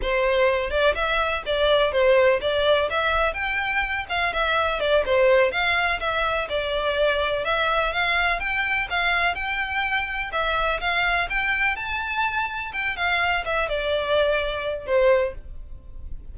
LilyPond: \new Staff \with { instrumentName = "violin" } { \time 4/4 \tempo 4 = 125 c''4. d''8 e''4 d''4 | c''4 d''4 e''4 g''4~ | g''8 f''8 e''4 d''8 c''4 f''8~ | f''8 e''4 d''2 e''8~ |
e''8 f''4 g''4 f''4 g''8~ | g''4. e''4 f''4 g''8~ | g''8 a''2 g''8 f''4 | e''8 d''2~ d''8 c''4 | }